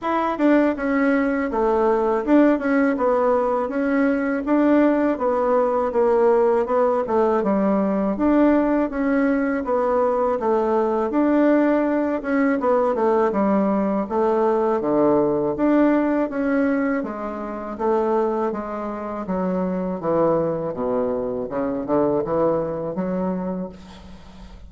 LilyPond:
\new Staff \with { instrumentName = "bassoon" } { \time 4/4 \tempo 4 = 81 e'8 d'8 cis'4 a4 d'8 cis'8 | b4 cis'4 d'4 b4 | ais4 b8 a8 g4 d'4 | cis'4 b4 a4 d'4~ |
d'8 cis'8 b8 a8 g4 a4 | d4 d'4 cis'4 gis4 | a4 gis4 fis4 e4 | b,4 cis8 d8 e4 fis4 | }